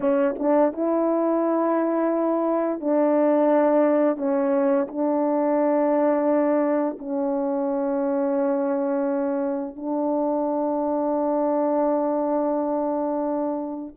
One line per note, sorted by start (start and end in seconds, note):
0.00 0.35 C#4
0.38 0.73 D4
0.73 2.80 E4
2.80 4.17 D4
4.17 4.87 C#4
4.88 6.97 D4
6.99 9.76 C#4
9.76 13.94 D4